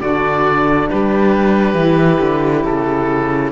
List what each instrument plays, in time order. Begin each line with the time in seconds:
0.00 cello D3, saxophone D4, violin F#4, oboe D5
0.90 cello G3, violin G4, oboe B4
1.74 cello E3, saxophone E4
2.20 cello D3
2.63 cello C#3, oboe A4